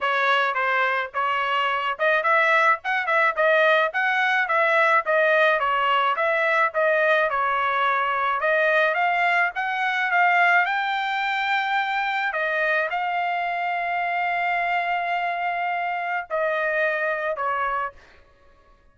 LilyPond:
\new Staff \with { instrumentName = "trumpet" } { \time 4/4 \tempo 4 = 107 cis''4 c''4 cis''4. dis''8 | e''4 fis''8 e''8 dis''4 fis''4 | e''4 dis''4 cis''4 e''4 | dis''4 cis''2 dis''4 |
f''4 fis''4 f''4 g''4~ | g''2 dis''4 f''4~ | f''1~ | f''4 dis''2 cis''4 | }